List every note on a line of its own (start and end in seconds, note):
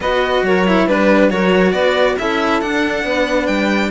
0.00 0.41 B3
0.00 0.66 F#4
0.00 0.44 B4
0.00 0.44 D#5
0.42 0.86 F#3
0.42 0.86 A#4
0.42 0.87 C#5
0.66 0.88 E4
0.86 1.30 G3
0.86 1.30 D4
0.86 1.30 B4
0.86 1.29 B4
1.29 1.72 F#3
1.29 2.16 F#4
1.29 1.72 A#4
1.29 1.72 C#5
1.72 2.16 B3
1.72 2.15 B4
1.72 2.15 D5
2.18 2.62 C#4
2.18 2.61 E4
2.18 3.05 A4
2.18 2.60 E5
2.60 3.90 D4
2.60 3.04 D4
2.60 3.46 F#5
3.04 3.47 B3
3.04 3.90 B4
3.46 3.90 G3
3.46 3.90 G5